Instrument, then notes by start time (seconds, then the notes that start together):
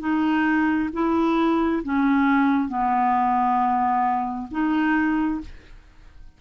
clarinet
0.00 D#4
0.93 E4
1.84 C#4
2.69 B3
4.51 D#4